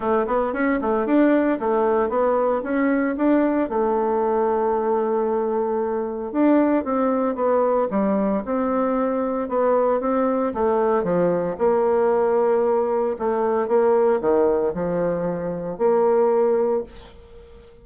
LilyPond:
\new Staff \with { instrumentName = "bassoon" } { \time 4/4 \tempo 4 = 114 a8 b8 cis'8 a8 d'4 a4 | b4 cis'4 d'4 a4~ | a1 | d'4 c'4 b4 g4 |
c'2 b4 c'4 | a4 f4 ais2~ | ais4 a4 ais4 dis4 | f2 ais2 | }